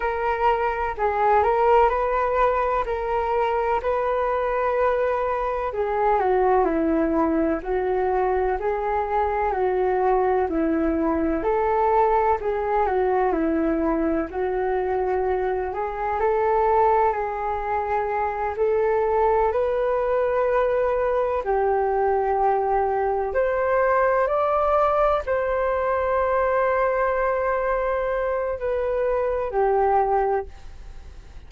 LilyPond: \new Staff \with { instrumentName = "flute" } { \time 4/4 \tempo 4 = 63 ais'4 gis'8 ais'8 b'4 ais'4 | b'2 gis'8 fis'8 e'4 | fis'4 gis'4 fis'4 e'4 | a'4 gis'8 fis'8 e'4 fis'4~ |
fis'8 gis'8 a'4 gis'4. a'8~ | a'8 b'2 g'4.~ | g'8 c''4 d''4 c''4.~ | c''2 b'4 g'4 | }